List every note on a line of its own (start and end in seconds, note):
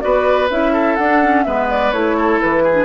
0.00 0.50 B3
0.00 0.48 F#4
0.00 0.73 B4
0.00 0.48 D5
0.50 0.97 C#4
0.50 0.98 E4
0.50 0.95 E5
0.73 1.44 A4
0.95 1.45 D4
0.95 1.23 D4
0.95 1.43 F#5
1.23 1.46 C#4
1.43 1.92 G#3
1.43 1.93 B3
1.43 2.17 B4
1.43 1.67 E5
1.70 1.92 D5
1.92 2.40 A3
1.92 2.72 E4
1.92 2.40 C#5
2.17 2.63 A4
2.41 2.85 E3
2.41 2.85 B4
2.63 2.85 G#4
2.72 2.84 D4